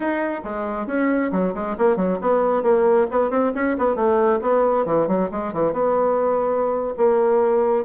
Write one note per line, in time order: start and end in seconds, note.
0.00 0.41 D#4
0.44 0.86 G#3
0.86 1.31 C#4
1.32 1.54 F#3
1.54 1.76 G#3
1.77 1.96 A#3
1.96 2.18 F#3
2.21 2.62 B3
2.62 3.07 A#3
3.11 3.30 B3
3.30 3.52 C4
3.54 3.76 C#4
3.78 3.95 B3
3.95 4.39 A3
4.41 4.85 B3
4.85 5.07 E3
5.07 5.29 F#3
5.31 5.53 G#3
5.53 5.72 E3
5.72 6.94 B3
6.97 7.84 A#3